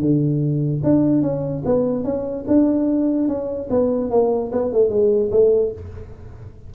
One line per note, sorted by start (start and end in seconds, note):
0.00 0.82 D3
0.83 1.22 D4
1.22 1.63 C#4
1.65 2.04 B3
2.04 2.45 C#4
2.48 3.28 D4
3.28 3.69 C#4
3.70 4.10 B3
4.10 4.51 A#3
4.52 4.72 B3
4.72 4.90 A3
4.90 5.30 G#3
5.31 5.72 A3